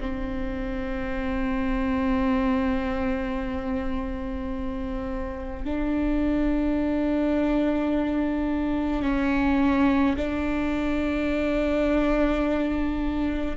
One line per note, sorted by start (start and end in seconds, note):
0.00 5.64 C4
5.64 9.03 D4
9.03 10.16 C#4
10.16 13.56 D4